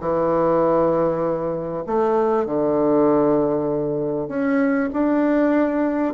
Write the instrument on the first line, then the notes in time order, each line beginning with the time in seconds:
bassoon
0.00 E3
1.86 A3
2.45 D3
4.28 C#4
4.93 D4